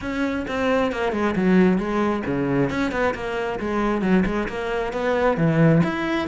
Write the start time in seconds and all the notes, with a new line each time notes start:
0.01 C#4
0.47 C4
0.91 A#3
1.12 G#3
1.35 F#3
1.78 G#3
2.26 C#3
2.70 C#4
2.91 B3
3.14 A#3
3.59 G#3
4.01 F#3
4.25 G#3
4.48 A#3
4.92 B3
5.37 E3
5.83 E4